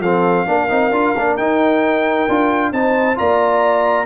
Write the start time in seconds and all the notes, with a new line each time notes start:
0.00 F3 C4 A4 F5
0.47 A#3 D4 A#4
0.69 C4 D#4
0.91 D4 F4
1.16 A#3 D4
1.37 D#4 G5
2.28 D4 F4
2.72 C4 D#4 C5 A5
3.15 A#3 F4 D5 A#5